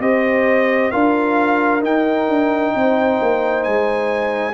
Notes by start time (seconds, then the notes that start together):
0.00 C4 G4 C5 D#5
0.91 D4 F4 A#4 F5
1.80 D#4 G5
2.29 D4
2.75 C4 C5
3.22 A#3
3.64 G#3 G#5